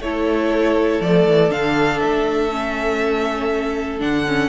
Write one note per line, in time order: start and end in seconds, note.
0.00 1.00 A3
0.00 1.03 E4
0.00 4.49 A4
0.00 1.02 C#5
1.01 1.26 F3
1.01 1.50 A3
1.01 1.52 D5
1.26 1.51 E3
1.50 2.01 D3
1.50 2.50 D4
1.50 2.00 F5
2.00 4.01 A3
2.00 4.00 E5
2.51 4.00 C#4
4.00 4.49 D3
4.00 4.25 D4
4.00 4.49 F#5
4.28 4.49 C#4